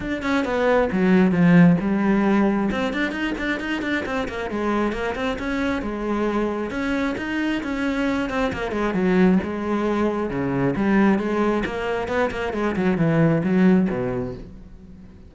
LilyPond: \new Staff \with { instrumentName = "cello" } { \time 4/4 \tempo 4 = 134 d'8 cis'8 b4 fis4 f4 | g2 c'8 d'8 dis'8 d'8 | dis'8 d'8 c'8 ais8 gis4 ais8 c'8 | cis'4 gis2 cis'4 |
dis'4 cis'4. c'8 ais8 gis8 | fis4 gis2 cis4 | g4 gis4 ais4 b8 ais8 | gis8 fis8 e4 fis4 b,4 | }